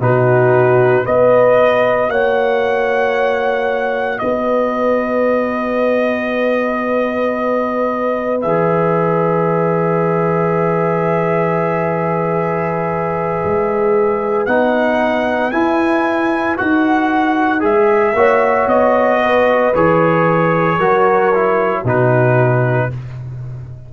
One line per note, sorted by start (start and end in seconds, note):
0.00 1.05 B2
0.00 1.05 D#4
0.00 1.05 F#4
0.00 1.06 B4
1.05 2.09 B3
1.05 8.42 F#4
1.05 2.10 B4
1.05 2.10 D#5
2.09 4.19 A#3
2.09 4.21 C#5
2.09 4.18 F#5
4.18 8.43 B3
4.18 18.16 B4
4.18 8.39 D#5
8.41 13.43 E3
8.41 14.48 G#4
8.41 14.46 E5
13.44 14.47 G#3
14.46 15.52 B3
14.46 15.52 D#4
14.46 15.51 F#5
15.51 16.57 E4
15.51 16.58 E4
15.51 16.56 G#5
16.57 17.63 D#4
16.57 17.60 F#4
16.57 17.62 F#5
17.60 18.13 G#3
17.60 18.13 G#4
17.60 18.68 E5
18.13 18.66 A#3
18.13 19.73 F#4
18.13 19.21 C#5
18.67 19.72 B3
18.67 19.74 D#5
19.23 20.79 B4
19.75 20.78 E3
19.75 20.80 G#4
19.75 21.85 C#5
20.78 21.83 F#3
20.78 21.33 F#4
20.78 21.83 A#4
21.34 21.85 E4
21.83 22.89 B2
21.83 22.90 D#4
21.83 22.88 F#4
21.83 22.93 B4